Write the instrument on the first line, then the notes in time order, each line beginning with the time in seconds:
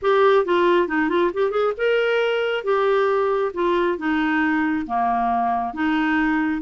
clarinet
0.01 G4
0.45 F4
0.88 D#4
1.09 F4
1.33 G4
1.50 G#4
1.77 A#4
2.64 G4
3.53 F4
3.97 D#4
4.86 A#3
5.73 D#4